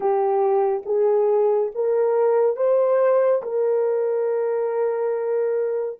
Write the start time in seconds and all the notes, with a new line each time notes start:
0.00 G4
0.85 G#4
1.74 A#4
2.56 C5
3.42 A#4